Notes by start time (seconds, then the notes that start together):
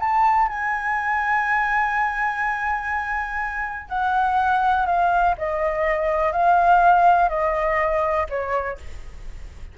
0.00 A5
0.49 G#5
3.89 F#5
4.87 F5
5.38 D#5
6.33 F5
7.29 D#5
8.29 C#5